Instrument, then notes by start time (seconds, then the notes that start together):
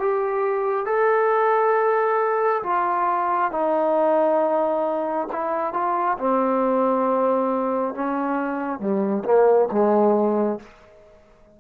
trombone
0.00 G4
0.86 A4
2.63 F4
3.52 D#4
5.33 E4
5.74 F4
6.18 C4
7.95 C#4
8.80 G3
9.25 A#3
9.71 G#3